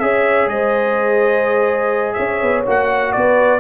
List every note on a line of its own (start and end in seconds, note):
0.00 0.47 C#4
0.00 2.65 G#4
0.00 0.51 C#5
0.00 0.48 E5
0.47 2.15 G#3
0.47 2.17 C5
0.47 2.14 D#5
2.14 2.43 C#4
2.14 3.13 C#5
2.14 2.62 E5
2.43 2.67 B3
2.66 3.16 A#3
2.66 3.60 F#4
2.66 3.12 F#5
3.12 3.60 B3
3.12 3.60 B4
3.12 3.60 D5